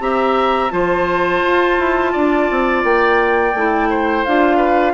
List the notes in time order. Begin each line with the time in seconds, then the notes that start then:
0.00 C4 G4 E5 A#5
0.70 F3 F4 C5 A5
1.42 F4
1.79 E4
2.12 D4 D5
2.50 C4
2.84 A#3 G5
3.54 A3 E4
3.90 C5
4.25 D4 F4 F5
4.57 B4